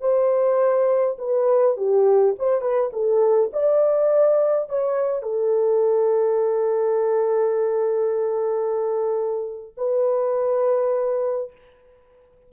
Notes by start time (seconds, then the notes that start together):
0.00 C5
1.18 B4
1.77 G4
2.38 C5
2.61 B4
2.92 A4
3.52 D5
4.69 C#5
5.22 A4
9.77 B4